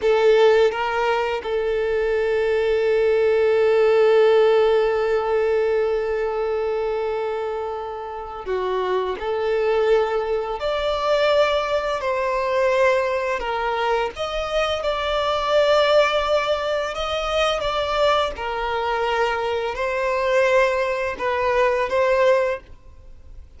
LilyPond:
\new Staff \with { instrumentName = "violin" } { \time 4/4 \tempo 4 = 85 a'4 ais'4 a'2~ | a'1~ | a'1 | fis'4 a'2 d''4~ |
d''4 c''2 ais'4 | dis''4 d''2. | dis''4 d''4 ais'2 | c''2 b'4 c''4 | }